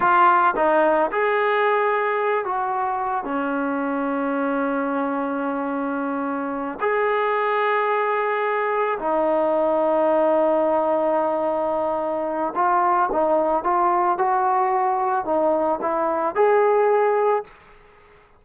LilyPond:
\new Staff \with { instrumentName = "trombone" } { \time 4/4 \tempo 4 = 110 f'4 dis'4 gis'2~ | gis'8 fis'4. cis'2~ | cis'1~ | cis'8 gis'2.~ gis'8~ |
gis'8 dis'2.~ dis'8~ | dis'2. f'4 | dis'4 f'4 fis'2 | dis'4 e'4 gis'2 | }